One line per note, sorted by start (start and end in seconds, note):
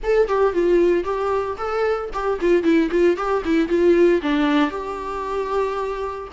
0.03 0.28 A4
0.28 0.53 G4
0.53 1.04 F4
1.04 1.56 G4
1.57 2.10 A4
2.13 2.39 G4
2.40 2.63 F4
2.63 2.89 E4
2.90 3.16 F4
3.16 3.43 G4
3.44 3.68 E4
3.68 4.21 F4
4.22 4.70 D4
4.70 6.28 G4